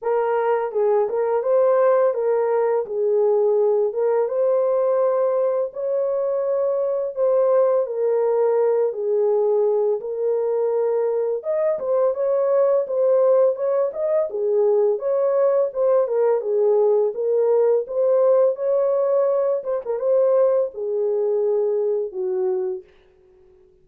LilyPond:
\new Staff \with { instrumentName = "horn" } { \time 4/4 \tempo 4 = 84 ais'4 gis'8 ais'8 c''4 ais'4 | gis'4. ais'8 c''2 | cis''2 c''4 ais'4~ | ais'8 gis'4. ais'2 |
dis''8 c''8 cis''4 c''4 cis''8 dis''8 | gis'4 cis''4 c''8 ais'8 gis'4 | ais'4 c''4 cis''4. c''16 ais'16 | c''4 gis'2 fis'4 | }